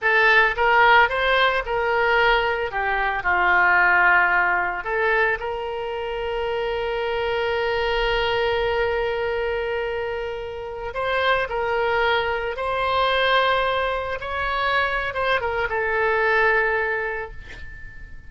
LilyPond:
\new Staff \with { instrumentName = "oboe" } { \time 4/4 \tempo 4 = 111 a'4 ais'4 c''4 ais'4~ | ais'4 g'4 f'2~ | f'4 a'4 ais'2~ | ais'1~ |
ais'1~ | ais'16 c''4 ais'2 c''8.~ | c''2~ c''16 cis''4.~ cis''16 | c''8 ais'8 a'2. | }